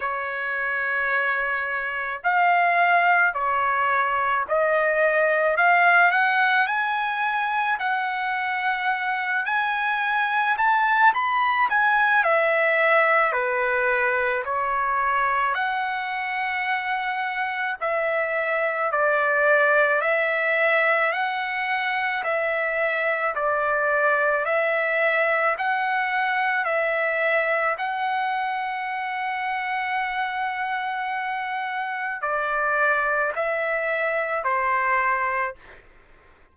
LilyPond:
\new Staff \with { instrumentName = "trumpet" } { \time 4/4 \tempo 4 = 54 cis''2 f''4 cis''4 | dis''4 f''8 fis''8 gis''4 fis''4~ | fis''8 gis''4 a''8 b''8 gis''8 e''4 | b'4 cis''4 fis''2 |
e''4 d''4 e''4 fis''4 | e''4 d''4 e''4 fis''4 | e''4 fis''2.~ | fis''4 d''4 e''4 c''4 | }